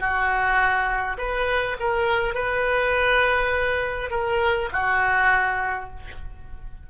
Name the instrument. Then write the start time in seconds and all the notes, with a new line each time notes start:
oboe
0.00 F#4
1.18 B4
1.80 A#4
2.35 B4
4.11 A#4
4.73 F#4